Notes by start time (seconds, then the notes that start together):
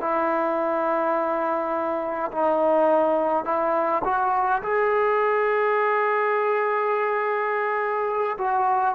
0.00 E4
2.31 D#4
3.45 E4
4.04 F#4
4.62 G#4
8.38 F#4